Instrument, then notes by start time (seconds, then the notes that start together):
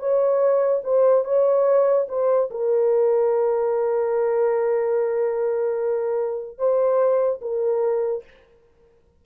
horn
0.00 C#5
0.84 C5
1.25 C#5
2.09 C5
2.51 A#4
6.58 C5
7.42 A#4